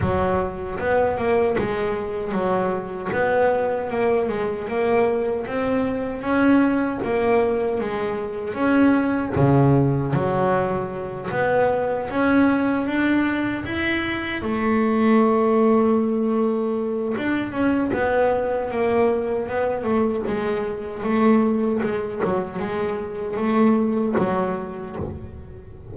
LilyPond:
\new Staff \with { instrumentName = "double bass" } { \time 4/4 \tempo 4 = 77 fis4 b8 ais8 gis4 fis4 | b4 ais8 gis8 ais4 c'4 | cis'4 ais4 gis4 cis'4 | cis4 fis4. b4 cis'8~ |
cis'8 d'4 e'4 a4.~ | a2 d'8 cis'8 b4 | ais4 b8 a8 gis4 a4 | gis8 fis8 gis4 a4 fis4 | }